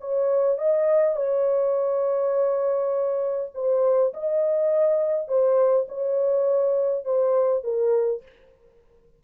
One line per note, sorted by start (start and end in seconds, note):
0.00 0.58 C#5
0.58 1.16 D#5
1.16 3.51 C#5
3.54 4.13 C5
4.13 5.28 D#5
5.28 5.87 C5
5.88 7.05 C#5
7.05 7.63 C5
7.63 8.22 A#4